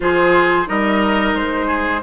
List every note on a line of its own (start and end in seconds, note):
0.00 0.68 F3
0.00 0.66 F4
0.00 0.68 G#4
0.00 0.68 C5
0.66 1.34 G3
0.66 2.01 D#4
0.66 1.66 A#4
0.66 1.35 D#5
1.34 2.02 G#3
1.34 2.02 C5
1.66 2.00 G#4